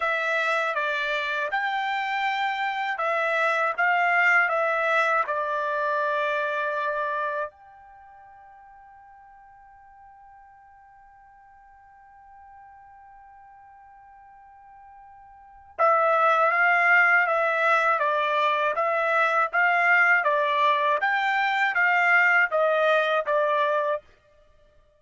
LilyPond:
\new Staff \with { instrumentName = "trumpet" } { \time 4/4 \tempo 4 = 80 e''4 d''4 g''2 | e''4 f''4 e''4 d''4~ | d''2 g''2~ | g''1~ |
g''1~ | g''4 e''4 f''4 e''4 | d''4 e''4 f''4 d''4 | g''4 f''4 dis''4 d''4 | }